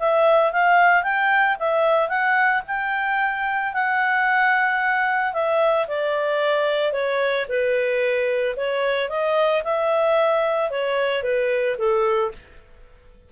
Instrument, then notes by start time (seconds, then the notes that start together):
clarinet
0.00 E5
0.53 F5
1.04 G5
1.59 E5
2.09 F#5
2.68 G5
3.74 F#5
5.34 E5
5.88 D5
6.93 C#5
7.49 B4
8.57 C#5
9.10 D#5
9.65 E5
10.71 C#5
11.24 B4
11.78 A4